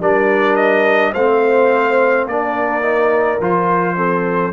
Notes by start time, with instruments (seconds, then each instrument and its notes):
0.00 tuba G3, trombone D4, horn A#4, trumpet D5
0.56 trumpet D#5
1.13 tuba A3, trombone C4, horn C5, trumpet F5
2.25 tuba A#3, trombone D4, horn A#4, trumpet D5
2.82 trombone D#4
3.40 tuba F3, trombone F4, trumpet C5
3.96 trombone C4, horn A4